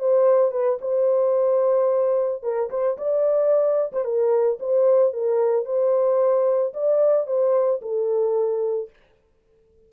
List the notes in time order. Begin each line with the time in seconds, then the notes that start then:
0.00 C5
0.52 B4
0.81 C5
2.43 A#4
2.71 C5
2.98 D5
3.93 C5
4.05 A#4
4.60 C5
5.14 A#4
5.66 C5
6.74 D5
7.27 C5
7.82 A4